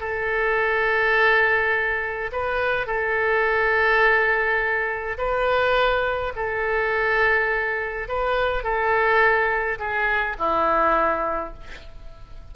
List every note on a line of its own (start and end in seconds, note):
0.00 2.31 A4
2.32 2.87 B4
2.87 5.17 A4
5.17 6.33 B4
6.36 8.08 A4
8.08 8.63 B4
8.63 9.79 A4
9.79 10.36 G#4
10.38 11.54 E4